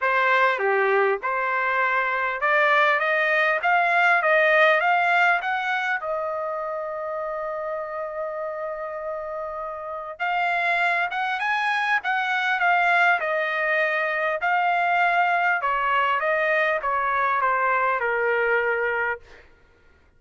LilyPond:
\new Staff \with { instrumentName = "trumpet" } { \time 4/4 \tempo 4 = 100 c''4 g'4 c''2 | d''4 dis''4 f''4 dis''4 | f''4 fis''4 dis''2~ | dis''1~ |
dis''4 f''4. fis''8 gis''4 | fis''4 f''4 dis''2 | f''2 cis''4 dis''4 | cis''4 c''4 ais'2 | }